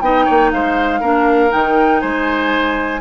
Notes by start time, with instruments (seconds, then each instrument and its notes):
0.00 bassoon B3, clarinet D#4, oboe D#5, flute G5
0.24 bassoon A#3, oboe C#5
0.51 bassoon G#3, oboe C5, flute F5
1.00 bassoon A#3, clarinet D4, oboe A#4
1.49 bassoon D#3, clarinet D#4, flute G5
2.00 bassoon G#3, oboe C5, flute G#5